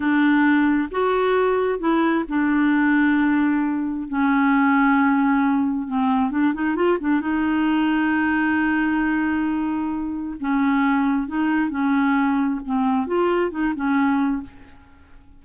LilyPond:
\new Staff \with { instrumentName = "clarinet" } { \time 4/4 \tempo 4 = 133 d'2 fis'2 | e'4 d'2.~ | d'4 cis'2.~ | cis'4 c'4 d'8 dis'8 f'8 d'8 |
dis'1~ | dis'2. cis'4~ | cis'4 dis'4 cis'2 | c'4 f'4 dis'8 cis'4. | }